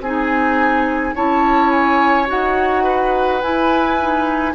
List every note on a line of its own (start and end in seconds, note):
0.00 1.13 C4
0.00 1.15 D#4
0.00 1.15 G#4
0.00 1.15 G#5
1.15 2.29 C#4
1.15 2.26 E4
1.15 2.83 C#5
1.15 1.70 A5
1.70 2.26 G#5
2.26 3.42 D#4
2.26 3.39 F#4
2.26 3.41 F#5
2.83 4.53 B4
3.41 3.99 E4
3.41 4.54 E4
3.41 4.54 G#5
4.00 4.54 D#4